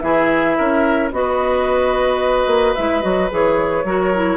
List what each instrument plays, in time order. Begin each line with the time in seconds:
0.00 bassoon E3, clarinet E4, oboe G#4, flute E5
0.58 bassoon C#4, oboe A#4
1.12 bassoon B3, clarinet F#4, oboe B4, flute D#5
2.47 bassoon A#3
2.75 bassoon G#3, clarinet E4, flute E5
3.02 bassoon F#3, clarinet F#4, flute D#5
3.30 bassoon E3, clarinet G#4, flute C#5
3.84 bassoon F#3, clarinet F#4, oboe A#4
4.14 clarinet E4